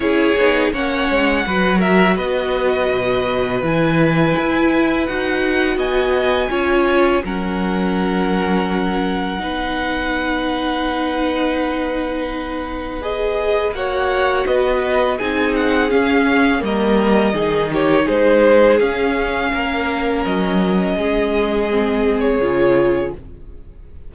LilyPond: <<
  \new Staff \with { instrumentName = "violin" } { \time 4/4 \tempo 4 = 83 cis''4 fis''4. e''8 dis''4~ | dis''4 gis''2 fis''4 | gis''2 fis''2~ | fis''1~ |
fis''2 dis''4 fis''4 | dis''4 gis''8 fis''8 f''4 dis''4~ | dis''8 cis''8 c''4 f''2 | dis''2~ dis''8. cis''4~ cis''16 | }
  \new Staff \with { instrumentName = "violin" } { \time 4/4 gis'4 cis''4 b'8 ais'8 b'4~ | b'1 | dis''4 cis''4 ais'2~ | ais'4 b'2.~ |
b'2. cis''4 | b'4 gis'2 ais'4 | gis'8 g'8 gis'2 ais'4~ | ais'4 gis'2. | }
  \new Staff \with { instrumentName = "viola" } { \time 4/4 e'8 dis'8 cis'4 fis'2~ | fis'4 e'2 fis'4~ | fis'4 f'4 cis'2~ | cis'4 dis'2.~ |
dis'2 gis'4 fis'4~ | fis'4 dis'4 cis'4 ais4 | dis'2 cis'2~ | cis'2 c'4 f'4 | }
  \new Staff \with { instrumentName = "cello" } { \time 4/4 cis'8 b8 ais8 gis8 fis4 b4 | b,4 e4 e'4 dis'4 | b4 cis'4 fis2~ | fis4 b2.~ |
b2. ais4 | b4 c'4 cis'4 g4 | dis4 gis4 cis'4 ais4 | fis4 gis2 cis4 | }
>>